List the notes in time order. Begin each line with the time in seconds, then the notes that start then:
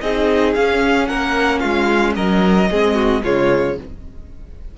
0.00 C4 D#4 G#4 D#5
0.53 C#4 F5
1.07 A#3 A#4 F#5
1.59 G#3 F4 F5
2.15 F#3 A#4 D#5
2.70 G#3 C4 G#4
2.95 F#4
3.23 C#3 G#3 F4 C#5